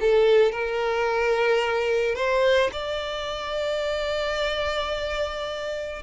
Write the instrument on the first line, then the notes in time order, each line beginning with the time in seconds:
violin
0.00 A4
0.52 A#4
2.15 C5
2.72 D5